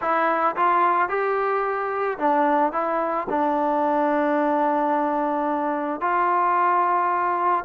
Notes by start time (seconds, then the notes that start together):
0.01 E4
0.56 F4
1.09 G4
2.18 D4
2.72 E4
3.29 D4
6.00 F4